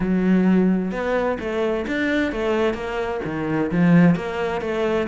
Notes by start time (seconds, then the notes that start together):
0.00 F#3
0.91 B3
1.39 A3
1.87 D4
2.32 A3
2.74 A#3
3.24 D#3
3.71 F3
4.15 A#3
4.61 A3